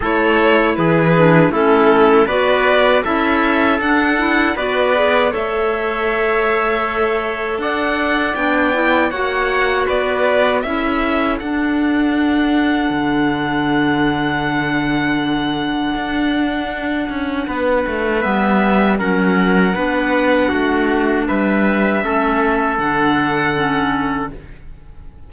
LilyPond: <<
  \new Staff \with { instrumentName = "violin" } { \time 4/4 \tempo 4 = 79 cis''4 b'4 a'4 d''4 | e''4 fis''4 d''4 e''4~ | e''2 fis''4 g''4 | fis''4 d''4 e''4 fis''4~ |
fis''1~ | fis''1 | e''4 fis''2. | e''2 fis''2 | }
  \new Staff \with { instrumentName = "trumpet" } { \time 4/4 a'4 gis'4 e'4 b'4 | a'2 b'4 cis''4~ | cis''2 d''2 | cis''4 b'4 a'2~ |
a'1~ | a'2. b'4~ | b'4 ais'4 b'4 fis'4 | b'4 a'2. | }
  \new Staff \with { instrumentName = "clarinet" } { \time 4/4 e'4. d'8 cis'4 fis'4 | e'4 d'8 e'8 fis'8 gis'8 a'4~ | a'2. d'8 e'8 | fis'2 e'4 d'4~ |
d'1~ | d'1 | b4 cis'4 d'2~ | d'4 cis'4 d'4 cis'4 | }
  \new Staff \with { instrumentName = "cello" } { \time 4/4 a4 e4 a4 b4 | cis'4 d'4 b4 a4~ | a2 d'4 b4 | ais4 b4 cis'4 d'4~ |
d'4 d2.~ | d4 d'4. cis'8 b8 a8 | g4 fis4 b4 a4 | g4 a4 d2 | }
>>